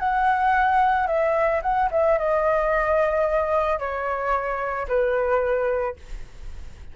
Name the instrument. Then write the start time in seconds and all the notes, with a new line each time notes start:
flute
0.00 F#5
1.07 E5
1.63 F#5
1.92 E5
2.19 D#5
3.79 C#5
4.88 B4